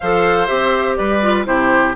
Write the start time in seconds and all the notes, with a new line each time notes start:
0.00 F3 A4 C5 F5
0.47 C4 G4 E5
0.96 G3 B4 D5
1.21 F4
1.45 C3 E4 G4 C5